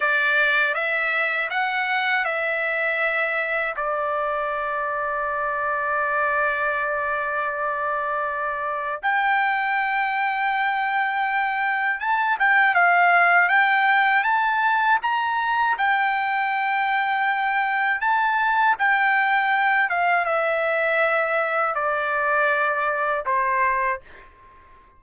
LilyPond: \new Staff \with { instrumentName = "trumpet" } { \time 4/4 \tempo 4 = 80 d''4 e''4 fis''4 e''4~ | e''4 d''2.~ | d''1 | g''1 |
a''8 g''8 f''4 g''4 a''4 | ais''4 g''2. | a''4 g''4. f''8 e''4~ | e''4 d''2 c''4 | }